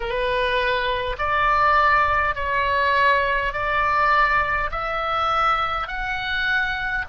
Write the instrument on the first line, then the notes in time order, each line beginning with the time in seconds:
oboe
0.00 B4
1.18 D5
2.35 C#5
3.52 D5
4.71 E5
5.87 F#5